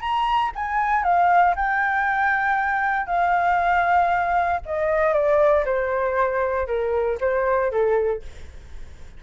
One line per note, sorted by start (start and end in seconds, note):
0.00 0.51 A#5
0.55 1.03 G#5
1.03 1.55 F5
1.55 3.06 G5
3.06 4.60 F5
4.65 5.13 D#5
5.13 5.64 D5
5.65 6.67 C5
6.67 7.18 A#4
7.20 7.71 C5
7.71 8.22 A4